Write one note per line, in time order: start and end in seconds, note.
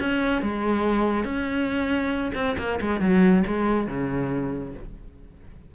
0.00 0.43 C#4
0.43 1.25 G#3
1.25 2.33 C#4
2.35 2.57 C4
2.59 2.80 A#3
2.81 3.01 G#3
3.01 3.44 F#3
3.47 3.88 G#3
3.88 4.74 C#3